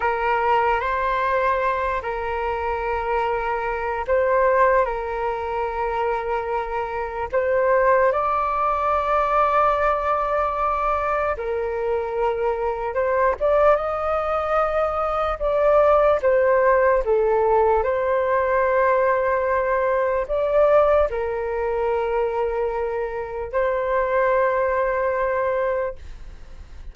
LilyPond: \new Staff \with { instrumentName = "flute" } { \time 4/4 \tempo 4 = 74 ais'4 c''4. ais'4.~ | ais'4 c''4 ais'2~ | ais'4 c''4 d''2~ | d''2 ais'2 |
c''8 d''8 dis''2 d''4 | c''4 a'4 c''2~ | c''4 d''4 ais'2~ | ais'4 c''2. | }